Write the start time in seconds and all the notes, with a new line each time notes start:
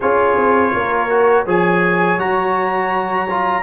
0.00 C#4 F4 G#4 C#5
0.37 C4
0.74 A#3 A#4
1.09 F#4
1.46 F3 G#4 C#5 G#5
2.18 F#3 F#4 A#5
3.30 F4